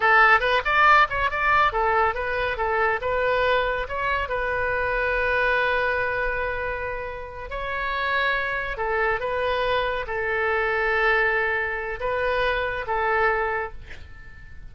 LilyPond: \new Staff \with { instrumentName = "oboe" } { \time 4/4 \tempo 4 = 140 a'4 b'8 d''4 cis''8 d''4 | a'4 b'4 a'4 b'4~ | b'4 cis''4 b'2~ | b'1~ |
b'4. cis''2~ cis''8~ | cis''8 a'4 b'2 a'8~ | a'1 | b'2 a'2 | }